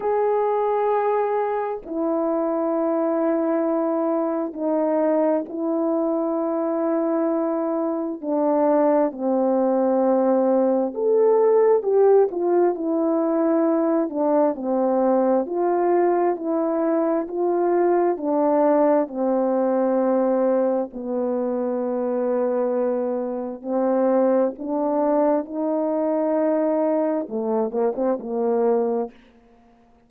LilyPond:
\new Staff \with { instrumentName = "horn" } { \time 4/4 \tempo 4 = 66 gis'2 e'2~ | e'4 dis'4 e'2~ | e'4 d'4 c'2 | a'4 g'8 f'8 e'4. d'8 |
c'4 f'4 e'4 f'4 | d'4 c'2 b4~ | b2 c'4 d'4 | dis'2 a8 ais16 c'16 ais4 | }